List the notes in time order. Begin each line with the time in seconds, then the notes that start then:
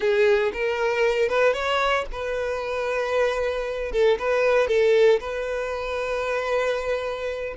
0.00 G#4
0.53 A#4
1.29 B4
1.53 C#5
2.12 B4
3.92 A4
4.19 B4
4.67 A4
5.20 B4